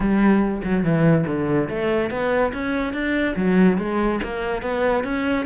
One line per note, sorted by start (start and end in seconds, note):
0.00 0.61 G3
0.64 0.83 F#3
0.83 1.25 E3
1.26 1.68 D3
1.69 2.10 A3
2.10 2.52 B3
2.53 2.93 C#4
2.93 3.35 D4
3.36 3.78 F#3
3.78 4.20 G#3
4.23 4.62 A#3
4.62 5.03 B3
5.04 5.45 C#4